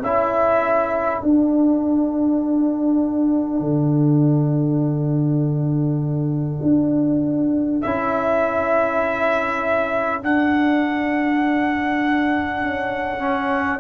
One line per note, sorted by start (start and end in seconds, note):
0.00 1.22 C#4
0.00 1.22 E4
0.00 13.80 A4
0.00 1.22 E5
1.22 7.82 D4
1.22 3.60 D4
1.22 7.82 F#5
3.60 6.60 D3
6.62 7.82 D4
7.82 10.22 C#4
7.82 10.22 E4
7.82 10.22 E5
10.22 13.19 D4
10.22 12.62 D4
10.22 13.80 F#5
12.62 13.80 C#4
13.19 13.79 C#4